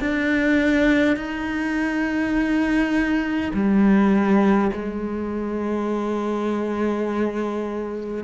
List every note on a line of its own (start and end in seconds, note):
0.00 1.17 D4
1.17 3.52 D#4
3.53 4.71 G3
4.73 8.24 G#3